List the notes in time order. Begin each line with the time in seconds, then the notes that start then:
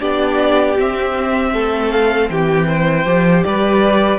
0.00 B3 D4 G4 D5
0.78 C4 E5
1.53 A3 A4
1.91 F5
2.30 E3 G4 G5
2.68 C5
3.05 F3 G4
3.44 G3 B4 D5